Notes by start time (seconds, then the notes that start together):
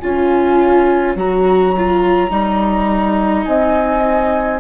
0.00 C#4 F4 C#5 G#5
1.16 F#3 F#4 A#5
1.78 F4
2.31 G3 D#4
3.45 C4 D#5 G#5